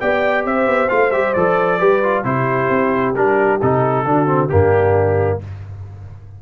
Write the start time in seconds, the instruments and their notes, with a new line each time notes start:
0.00 tuba B3, trombone G4, horn D5, trumpet G5
0.45 tuba C4, horn C5, trumpet E5
0.67 tuba B3
0.89 tuba A3, trombone F4, trumpet F5
1.11 tuba G3, trombone G4, trumpet E5
1.34 tuba F3, trombone A4, trumpet D5
1.80 tuba G3, trombone G4, horn B4
2.03 trombone F4
2.24 tuba C3, trombone E4, horn G4, trumpet C5
2.70 tuba C4
3.15 tuba G3, trombone D4, trumpet A#4
3.62 tuba C3, trombone D#4, trumpet A4
4.05 tuba D3, trombone D4, horn F#4
4.27 trombone C4
4.49 tuba G2, trombone A#3, horn D4, trumpet G4